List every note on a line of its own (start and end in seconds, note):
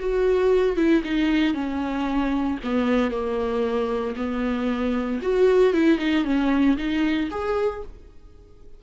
0.00 0.76 F#4
0.76 1.02 E4
1.04 1.54 D#4
1.54 2.58 C#4
2.64 3.11 B3
3.11 4.15 A#3
4.16 5.21 B3
5.22 5.74 F#4
5.74 5.99 E4
5.99 6.25 D#4
6.25 6.77 C#4
6.77 7.29 D#4
7.31 7.83 G#4